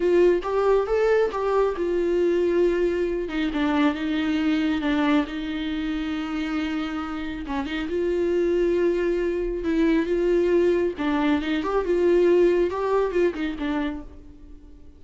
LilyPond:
\new Staff \with { instrumentName = "viola" } { \time 4/4 \tempo 4 = 137 f'4 g'4 a'4 g'4 | f'2.~ f'8 dis'8 | d'4 dis'2 d'4 | dis'1~ |
dis'4 cis'8 dis'8 f'2~ | f'2 e'4 f'4~ | f'4 d'4 dis'8 g'8 f'4~ | f'4 g'4 f'8 dis'8 d'4 | }